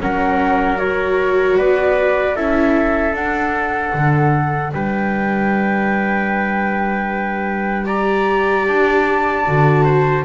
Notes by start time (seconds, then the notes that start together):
0.00 F#3 C#4 A#4 F#5
0.77 F#4 C#5
1.57 B3 B4 D5
2.36 C#4 E4 A4 E5
3.13 D4 F#5
3.94 D3
4.73 G3 B4 G5
7.85 G4 D5 A#5
8.67 D4 A5
9.47 D3 F#4
9.84 C5